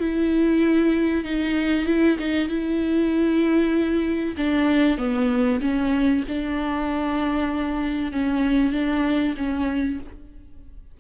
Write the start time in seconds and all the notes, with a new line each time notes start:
0.00 E4
1.24 D#4
1.86 E4
2.19 D#4
2.48 E4
4.37 D4
4.98 B3
5.61 C#4
6.28 D4
8.12 C#4
8.72 D4
9.37 C#4